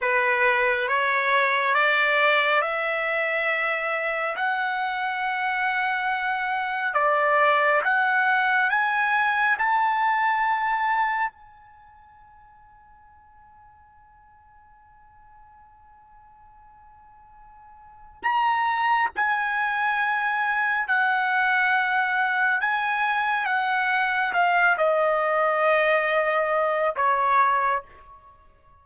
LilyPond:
\new Staff \with { instrumentName = "trumpet" } { \time 4/4 \tempo 4 = 69 b'4 cis''4 d''4 e''4~ | e''4 fis''2. | d''4 fis''4 gis''4 a''4~ | a''4 gis''2.~ |
gis''1~ | gis''4 ais''4 gis''2 | fis''2 gis''4 fis''4 | f''8 dis''2~ dis''8 cis''4 | }